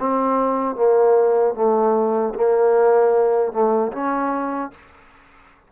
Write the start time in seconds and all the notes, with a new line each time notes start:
0.00 C4
0.76 A#3
1.55 A3
2.35 A#3
3.53 A3
3.93 C#4